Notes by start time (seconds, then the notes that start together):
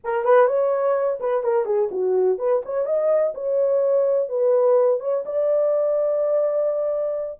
0.04 A#4
0.24 B4
0.47 C#5
1.20 B4
1.43 A#4
1.65 G#4
1.91 F#4
2.38 B4
2.65 C#5
2.85 D#5
3.34 C#5
4.29 B4
5.00 C#5
5.25 D5